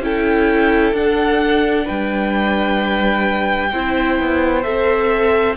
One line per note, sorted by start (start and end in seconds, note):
0.00 0.92 C#4
0.00 0.95 E4
0.00 1.85 A4
0.00 0.95 G5
0.92 1.85 D4
0.92 3.72 D4
0.92 1.87 F#5
1.85 3.73 G3
1.85 3.70 B4
1.85 4.63 G5
3.72 4.19 C4
3.72 4.63 E4
3.72 5.57 C5
4.19 4.65 B3
4.63 5.57 C4
4.63 5.55 A4
4.63 5.55 E5